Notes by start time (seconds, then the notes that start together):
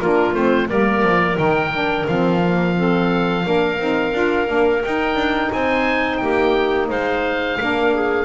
0.00 A#3 D4 F4 A#4
0.33 A3 C4 C5
0.68 G3 A#3 A#4 D5
1.02 F3
1.35 D#3 D#4 G5
1.72 D4
2.07 F3 C4 F5
2.42 A#3
2.76 C4 A4
3.43 A#3 D4 A#4
3.78 C4 D#4
4.12 D4 F4
4.46 A#3 D4
4.83 D#4 G5
5.15 D4
5.52 C4 C5 G#5
6.17 A#3 G4 G5
6.88 G#3 C5 F5
7.59 A#3 D4 A#4
7.94 G#4